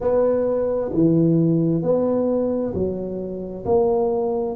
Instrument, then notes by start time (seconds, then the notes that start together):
tuba
0.00 B3
0.93 E3
1.82 B3
2.74 F#3
3.65 A#3